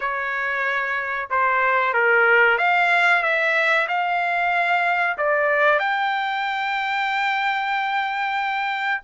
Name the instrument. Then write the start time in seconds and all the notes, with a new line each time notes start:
trumpet
0.00 C#5
1.30 C5
1.93 A#4
2.58 F5
3.23 E5
3.88 F5
5.17 D5
5.79 G5